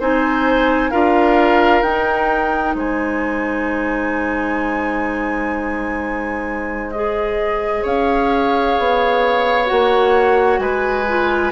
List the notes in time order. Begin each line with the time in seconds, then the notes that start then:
0.00 C4 D#4 C5 G#5
0.91 D4 F4 A#4 F5
1.83 D#4 G5
2.75 G#3 C5 G#5
6.91 G#4 D#5
7.83 C#4 C#5 F5
8.79 B3
9.66 A#3 F#4 F#5
10.59 G#3 B4 G#5
11.08 F4